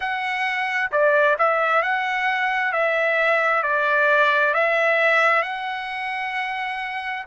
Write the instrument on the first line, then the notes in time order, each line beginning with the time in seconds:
trumpet
0.00 F#5
0.91 D5
1.38 E5
1.82 F#5
2.72 E5
3.62 D5
4.54 E5
5.42 F#5